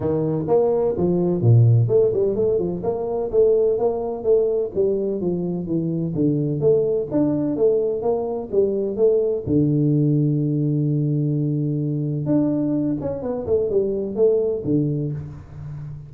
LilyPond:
\new Staff \with { instrumentName = "tuba" } { \time 4/4 \tempo 4 = 127 dis4 ais4 f4 ais,4 | a8 g8 a8 f8 ais4 a4 | ais4 a4 g4 f4 | e4 d4 a4 d'4 |
a4 ais4 g4 a4 | d1~ | d2 d'4. cis'8 | b8 a8 g4 a4 d4 | }